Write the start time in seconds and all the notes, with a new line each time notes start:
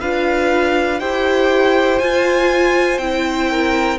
0.00 D4 F4 B4 F5
0.99 E4 G4 C5 G5
1.99 F4 G#5
2.98 C4 E4 G5
3.50 A#4